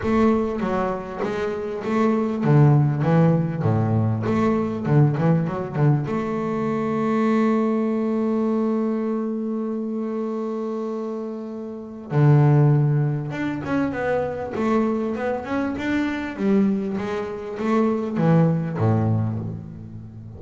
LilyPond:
\new Staff \with { instrumentName = "double bass" } { \time 4/4 \tempo 4 = 99 a4 fis4 gis4 a4 | d4 e4 a,4 a4 | d8 e8 fis8 d8 a2~ | a1~ |
a1 | d2 d'8 cis'8 b4 | a4 b8 cis'8 d'4 g4 | gis4 a4 e4 a,4 | }